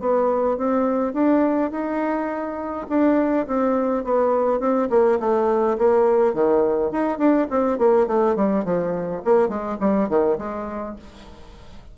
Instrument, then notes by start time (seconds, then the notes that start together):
bassoon
0.00 B3
0.57 C4
1.14 D4
1.71 D#4
2.89 D4
3.47 C4
4.04 B3
4.60 C4
4.90 A#3
5.20 A3
5.78 A#3
6.34 D#3
6.92 D#4
7.18 D4
7.50 C4
7.78 A#3
8.07 A3
8.36 G3
8.65 F3
9.25 A#3
9.49 G#3
9.80 G3
10.09 D#3
10.38 G#3